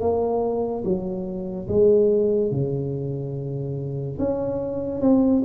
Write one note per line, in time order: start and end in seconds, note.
0.00 0.83 A#3
0.84 1.67 F#3
1.67 2.51 G#3
2.51 4.17 C#3
4.19 5.00 C#4
5.00 5.42 C4